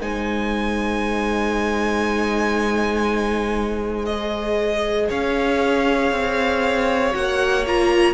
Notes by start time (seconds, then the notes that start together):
0.00 G#3 D#4 C5 G#5
4.05 D#5
4.11 G#4
5.08 C#4 C#5 F5
6.11 C4
7.10 A#3 F#4 F#5
7.66 F4 A#5